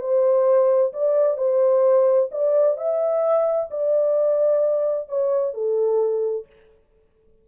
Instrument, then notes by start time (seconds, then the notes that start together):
horn
0.00 C5
0.93 D5
1.37 C5
2.31 D5
2.77 E5
3.70 D5
5.08 C#5
5.53 A4